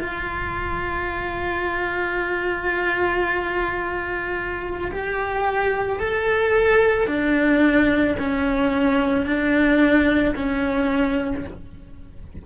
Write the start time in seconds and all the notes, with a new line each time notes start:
0.00 F4
4.91 G4
6.00 A4
7.07 D4
8.19 C#4
9.26 D4
10.35 C#4